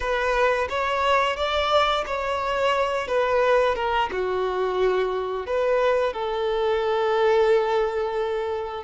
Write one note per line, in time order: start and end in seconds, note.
0.00 0.68 B4
0.69 1.36 C#5
1.36 2.04 D5
2.06 3.07 C#5
3.07 3.75 B4
3.75 4.09 A#4
4.12 5.46 F#4
5.46 6.13 B4
6.13 8.84 A4